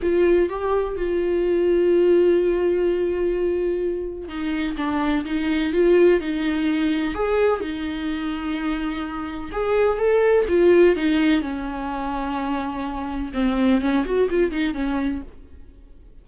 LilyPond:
\new Staff \with { instrumentName = "viola" } { \time 4/4 \tempo 4 = 126 f'4 g'4 f'2~ | f'1~ | f'4 dis'4 d'4 dis'4 | f'4 dis'2 gis'4 |
dis'1 | gis'4 a'4 f'4 dis'4 | cis'1 | c'4 cis'8 fis'8 f'8 dis'8 cis'4 | }